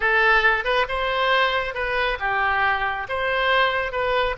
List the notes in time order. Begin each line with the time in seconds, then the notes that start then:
0.00 A4
0.64 B4
0.88 C5
1.74 B4
2.19 G4
3.09 C5
3.92 B4